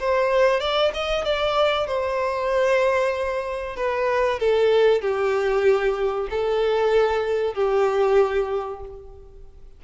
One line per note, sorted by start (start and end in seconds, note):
0.00 0.61 C5
0.61 0.92 D5
0.94 1.25 D#5
1.25 1.87 D5
1.87 3.77 C5
3.77 4.40 B4
4.40 5.02 A4
5.02 6.28 G4
6.31 7.54 A4
7.54 8.81 G4